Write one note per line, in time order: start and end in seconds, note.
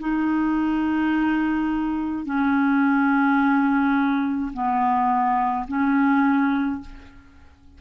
0.00 2.25 D#4
2.25 4.52 C#4
4.53 5.67 B3
5.68 6.81 C#4